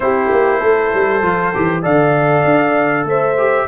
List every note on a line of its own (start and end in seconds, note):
0.00 0.30 C4
0.00 1.21 E4
0.00 0.58 G4
0.00 1.83 C5
0.31 0.62 A#3
0.58 0.93 A3
0.58 1.81 A4
0.94 1.22 G3
1.22 1.52 F3
1.22 1.52 F4
1.54 1.85 E3
1.54 1.83 G4
1.82 2.44 D3
1.82 3.36 A4
1.82 3.05 D5
1.82 3.06 F5
2.44 3.04 D4
3.04 3.65 A3
3.04 3.67 C5
3.04 3.67 E5
3.37 3.67 G4